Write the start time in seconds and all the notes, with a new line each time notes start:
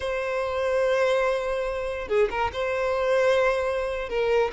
0.00 C5
2.08 G#4
2.30 A#4
2.52 C5
4.09 A#4